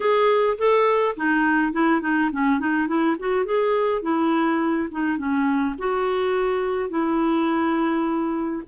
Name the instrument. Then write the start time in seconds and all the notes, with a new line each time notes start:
clarinet
0.00 G#4
0.58 A4
1.16 D#4
1.72 E4
2.01 D#4
2.32 C#4
2.59 D#4
2.87 E4
3.19 F#4
3.45 G#4
4.02 E4
4.91 D#4
5.17 C#4
5.78 F#4
6.89 E4